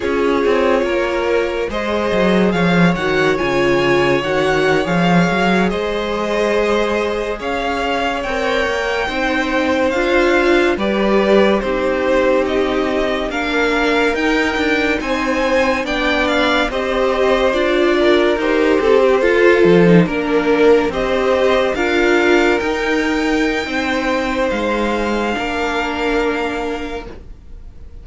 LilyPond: <<
  \new Staff \with { instrumentName = "violin" } { \time 4/4 \tempo 4 = 71 cis''2 dis''4 f''8 fis''8 | gis''4 fis''8. f''4 dis''4~ dis''16~ | dis''8. f''4 g''2 f''16~ | f''8. d''4 c''4 dis''4 f''16~ |
f''8. g''4 gis''4 g''8 f''8 dis''16~ | dis''8. d''4 c''2 ais'16~ | ais'8. dis''4 f''4 g''4~ g''16~ | g''4 f''2. | }
  \new Staff \with { instrumentName = "violin" } { \time 4/4 gis'4 ais'4 c''4 cis''4~ | cis''2~ cis''8. c''4~ c''16~ | c''8. cis''2 c''4~ c''16~ | c''8. b'4 g'2 ais'16~ |
ais'4.~ ais'16 c''4 d''4 c''16~ | c''4~ c''16 ais'4 a'16 g'16 a'4 ais'16~ | ais'8. c''4 ais'2~ ais'16 | c''2 ais'2 | }
  \new Staff \with { instrumentName = "viola" } { \time 4/4 f'2 gis'4. fis'8 | f'4 fis'8. gis'2~ gis'16~ | gis'4.~ gis'16 ais'4 dis'4 f'16~ | f'8. g'4 dis'2 d'16~ |
d'8. dis'2 d'4 g'16~ | g'8. f'4 g'4 f'8. dis'16 d'16~ | d'8. g'4 f'4 dis'4~ dis'16~ | dis'2 d'2 | }
  \new Staff \with { instrumentName = "cello" } { \time 4/4 cis'8 c'8 ais4 gis8 fis8 f8 dis8 | cis4 dis8. f8 fis8 gis4~ gis16~ | gis8. cis'4 c'8 ais8 c'4 d'16~ | d'8. g4 c'2 ais16~ |
ais8. dis'8 d'8 c'4 b4 c'16~ | c'8. d'4 dis'8 c'8 f'8 f8 ais16~ | ais8. c'4 d'4 dis'4~ dis'16 | c'4 gis4 ais2 | }
>>